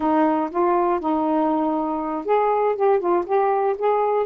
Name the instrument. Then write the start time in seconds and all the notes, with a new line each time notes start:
saxophone
0.00 D#4
0.50 F4
1.00 D#4
2.25 G#4
2.75 G4
2.99 F4
3.25 G4
3.77 G#4